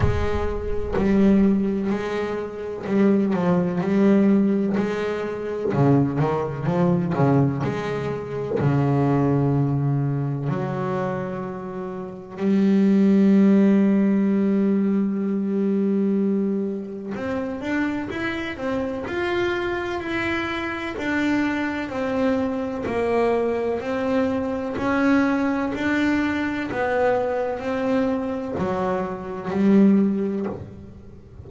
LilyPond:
\new Staff \with { instrumentName = "double bass" } { \time 4/4 \tempo 4 = 63 gis4 g4 gis4 g8 f8 | g4 gis4 cis8 dis8 f8 cis8 | gis4 cis2 fis4~ | fis4 g2.~ |
g2 c'8 d'8 e'8 c'8 | f'4 e'4 d'4 c'4 | ais4 c'4 cis'4 d'4 | b4 c'4 fis4 g4 | }